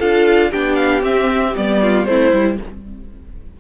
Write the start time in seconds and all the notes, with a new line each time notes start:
0.00 D4 F4 A4 F5
0.51 B3 D4 G4 G5
0.76 F5
1.02 C4 E5
1.56 G3 B3 D5
1.82 F4
2.05 A3 C4 E4 C5
2.33 G3 E4